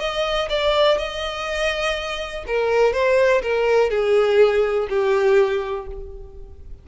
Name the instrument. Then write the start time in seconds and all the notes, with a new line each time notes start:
violin
0.00 D#5
0.49 D5
0.98 D#5
2.47 A#4
2.93 C5
3.42 A#4
3.90 G#4
4.90 G4